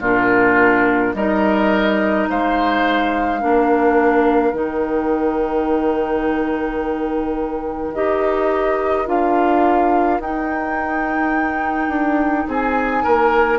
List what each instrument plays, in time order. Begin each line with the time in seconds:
0.00 bassoon A#2, clarinet D4, oboe F4, flute A#4
1.14 bassoon G3, clarinet D#4, oboe A#4, flute D#5
2.29 bassoon G#3, oboe C5, flute F5
3.40 bassoon A#3, clarinet D4, oboe A#4
4.53 bassoon D#3, clarinet D#4, flute G5
7.94 bassoon D#4, clarinet G4, flute D#5
9.06 bassoon D4, clarinet F4, flute F5
10.19 bassoon D#4, clarinet D#4, flute G5
11.88 bassoon D4
12.47 bassoon C4, oboe G#4, flute G#5
13.04 bassoon A#3, oboe A#4